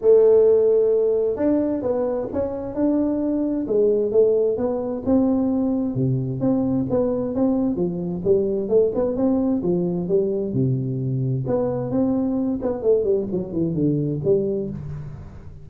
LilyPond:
\new Staff \with { instrumentName = "tuba" } { \time 4/4 \tempo 4 = 131 a2. d'4 | b4 cis'4 d'2 | gis4 a4 b4 c'4~ | c'4 c4 c'4 b4 |
c'4 f4 g4 a8 b8 | c'4 f4 g4 c4~ | c4 b4 c'4. b8 | a8 g8 fis8 e8 d4 g4 | }